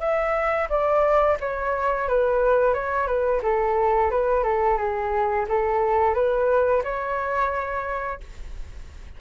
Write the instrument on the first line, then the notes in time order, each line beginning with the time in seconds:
flute
0.00 E5
0.70 D5
1.41 C#5
2.09 B4
2.74 C#5
3.07 B4
3.43 A4
4.11 B4
4.44 A4
4.78 G#4
5.49 A4
6.15 B4
6.84 C#5